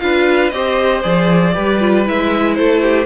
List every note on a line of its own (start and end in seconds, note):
0.00 0.53 D4
0.00 0.51 F4
0.00 0.55 B4
0.00 0.50 F5
0.50 1.04 C4
0.50 1.02 G4
0.50 1.54 C5
0.50 1.02 D#5
1.02 1.56 F3
1.02 1.53 G#4
1.02 2.05 D5
1.53 2.09 G3
1.53 1.79 G4
1.53 2.57 B4
1.80 2.05 F4
2.05 2.59 G#3
2.05 3.07 E4
2.05 2.55 E5
2.55 3.07 A3
2.55 2.83 A4
2.55 3.07 C5
2.83 3.07 G4